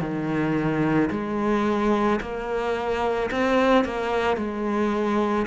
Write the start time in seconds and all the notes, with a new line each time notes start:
0.00 D#3
1.11 G#3
2.21 A#3
3.31 C4
3.85 A#3
4.37 G#3